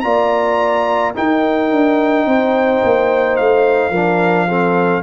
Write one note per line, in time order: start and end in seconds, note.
0.00 1.15 A#3
0.00 1.14 F4
0.00 1.15 D5
0.00 1.11 A#5
1.14 3.92 D#4
1.14 1.71 D#4
1.14 2.27 A#4
1.14 3.36 G5
1.71 2.26 D4
2.26 2.81 C4
2.26 3.91 C5
2.83 3.39 A#3
3.36 3.90 A3
3.36 5.03 F5
3.90 5.01 F3
3.90 4.48 D4
3.90 4.46 A#4
4.47 5.03 C4
4.47 5.03 A4